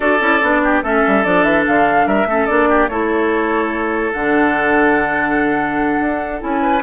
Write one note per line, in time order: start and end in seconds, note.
0.00 0.20 D4
0.00 0.19 F#4
0.00 0.62 A4
0.00 0.82 D5
0.20 0.41 C#4
0.20 0.41 E4
0.42 0.82 B3
0.42 0.83 D4
0.63 0.83 G4
0.82 1.03 A3
0.82 1.24 C#4
0.82 2.07 A4
0.82 1.24 E5
1.07 1.25 G3
1.24 1.43 F3
1.24 2.27 D4
1.24 1.43 D5
1.43 1.64 E3
1.43 1.63 E5
1.67 2.06 D3
1.67 2.07 F5
2.06 2.26 G3
2.06 2.27 A#4
2.06 2.46 E5
2.26 2.46 A3
2.26 2.48 C#4
2.26 2.69 A4
2.46 2.89 A#3
2.46 2.89 D4
2.46 2.87 D5
2.69 2.90 G4
2.88 4.13 A3
2.88 4.13 E4
2.88 6.62 A4
2.88 4.12 C#5
4.12 5.99 D3
4.12 6.39 D4
4.12 6.40 F#5
5.99 6.40 D4
6.39 6.82 C#4
6.39 6.81 E4
6.39 6.82 G#5
6.62 6.82 B4